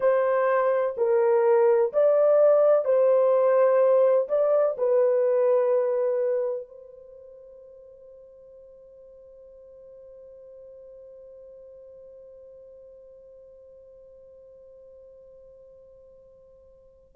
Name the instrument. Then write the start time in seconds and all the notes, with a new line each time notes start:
horn
0.00 C5
0.97 A#4
1.92 D5
2.84 C5
4.28 D5
4.77 B4
6.68 C5